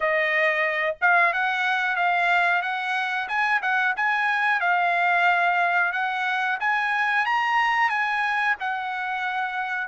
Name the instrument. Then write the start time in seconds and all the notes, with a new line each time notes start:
trumpet
0.00 D#5
1.01 F5
1.33 F#5
1.96 F5
2.62 F#5
3.28 G#5
3.61 F#5
3.96 G#5
4.60 F5
5.92 F#5
6.59 G#5
7.25 A#5
7.89 G#5
8.60 F#5